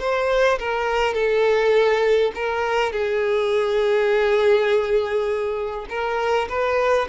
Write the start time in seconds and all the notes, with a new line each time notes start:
0.00 C5
0.59 A#4
1.14 A4
2.36 A#4
2.92 G#4
5.90 A#4
6.49 B4